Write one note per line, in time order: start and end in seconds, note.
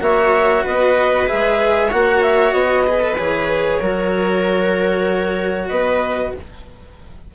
0.00 0.63 A#3
0.00 1.26 F#4
0.00 0.63 C#5
0.00 0.65 E5
0.63 1.30 B3
0.63 1.88 B4
0.63 1.28 D#5
1.27 1.92 G#3
1.27 1.90 G#4
1.27 1.91 E5
1.88 2.52 A#3
1.88 2.86 F#4
1.88 2.82 C#5
1.88 2.22 F#5
2.22 2.52 E5
2.52 3.16 B3
2.52 3.15 D#5
2.87 2.99 G#4
2.87 3.79 B4
2.99 3.15 A4
3.18 3.81 E3
3.18 3.81 G#4
3.18 5.68 C#5
3.79 5.70 F#3
3.79 6.34 F#4
3.79 5.68 A#4
5.68 6.33 B3
5.68 6.32 B4
5.68 6.31 D#5